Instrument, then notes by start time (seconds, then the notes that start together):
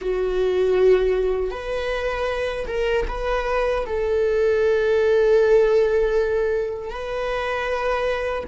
viola
0.01 F#4
1.50 B4
2.67 A#4
3.08 B4
3.86 A4
6.90 B4